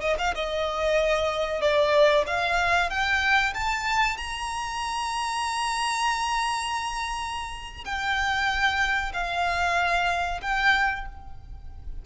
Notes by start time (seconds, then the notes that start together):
0.00 D#5
0.18 F5
0.35 D#5
1.61 D5
2.26 F5
2.90 G5
3.54 A5
4.17 A#5
7.84 G5
9.13 F5
10.41 G5